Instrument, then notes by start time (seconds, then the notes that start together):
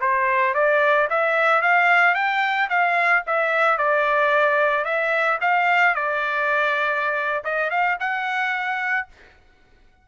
trumpet
0.00 C5
0.54 D5
1.10 E5
1.62 F5
2.15 G5
2.70 F5
3.27 E5
3.78 D5
4.85 E5
5.41 F5
5.95 D5
7.44 D#5
7.70 F5
8.00 F#5